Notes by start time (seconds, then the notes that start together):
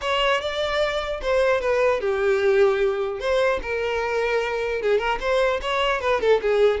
0.01 C#5
0.40 D5
1.21 C5
1.61 B4
2.00 G4
3.20 C5
3.62 A#4
4.82 G#4
4.98 A#4
5.20 C5
5.61 C#5
6.00 B4
6.20 A4
6.41 G#4